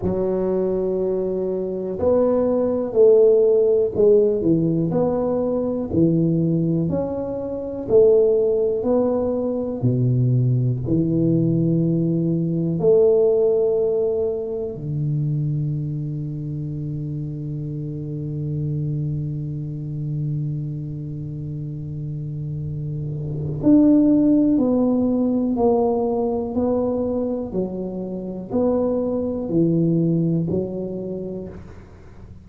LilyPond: \new Staff \with { instrumentName = "tuba" } { \time 4/4 \tempo 4 = 61 fis2 b4 a4 | gis8 e8 b4 e4 cis'4 | a4 b4 b,4 e4~ | e4 a2 d4~ |
d1~ | d1 | d'4 b4 ais4 b4 | fis4 b4 e4 fis4 | }